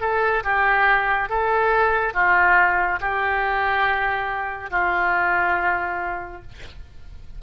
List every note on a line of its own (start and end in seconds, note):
0.00 0.43 A4
0.43 1.29 G4
1.29 2.14 A4
2.14 2.99 F4
3.00 4.70 G4
4.70 6.41 F4